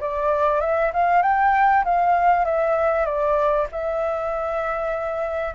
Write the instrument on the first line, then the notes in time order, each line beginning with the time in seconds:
flute
0.00 D5
0.60 E5
0.93 F5
1.22 G5
1.84 F5
2.45 E5
3.05 D5
3.72 E5